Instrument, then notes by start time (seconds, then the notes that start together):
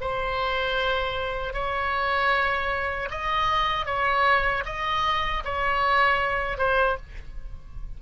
oboe
0.00 C5
1.53 C#5
3.10 D#5
3.85 C#5
4.65 D#5
5.44 C#5
6.57 C5